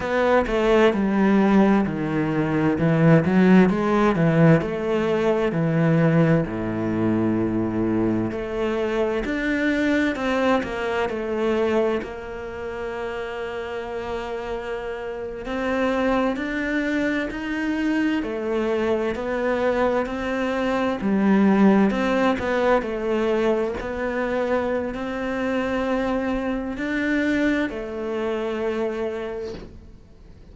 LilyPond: \new Staff \with { instrumentName = "cello" } { \time 4/4 \tempo 4 = 65 b8 a8 g4 dis4 e8 fis8 | gis8 e8 a4 e4 a,4~ | a,4 a4 d'4 c'8 ais8 | a4 ais2.~ |
ais8. c'4 d'4 dis'4 a16~ | a8. b4 c'4 g4 c'16~ | c'16 b8 a4 b4~ b16 c'4~ | c'4 d'4 a2 | }